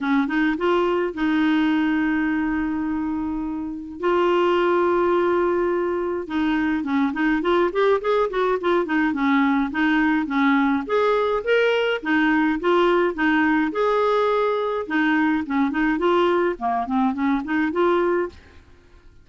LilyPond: \new Staff \with { instrumentName = "clarinet" } { \time 4/4 \tempo 4 = 105 cis'8 dis'8 f'4 dis'2~ | dis'2. f'4~ | f'2. dis'4 | cis'8 dis'8 f'8 g'8 gis'8 fis'8 f'8 dis'8 |
cis'4 dis'4 cis'4 gis'4 | ais'4 dis'4 f'4 dis'4 | gis'2 dis'4 cis'8 dis'8 | f'4 ais8 c'8 cis'8 dis'8 f'4 | }